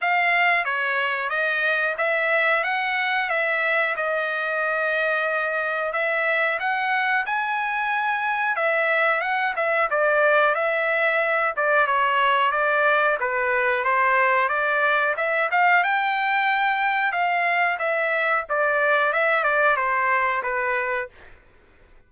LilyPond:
\new Staff \with { instrumentName = "trumpet" } { \time 4/4 \tempo 4 = 91 f''4 cis''4 dis''4 e''4 | fis''4 e''4 dis''2~ | dis''4 e''4 fis''4 gis''4~ | gis''4 e''4 fis''8 e''8 d''4 |
e''4. d''8 cis''4 d''4 | b'4 c''4 d''4 e''8 f''8 | g''2 f''4 e''4 | d''4 e''8 d''8 c''4 b'4 | }